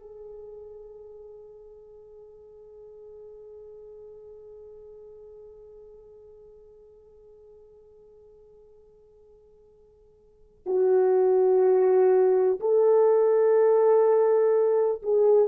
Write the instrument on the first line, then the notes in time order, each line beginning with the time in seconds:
horn
0.00 G#4
10.66 F#4
12.60 A4
15.03 G#4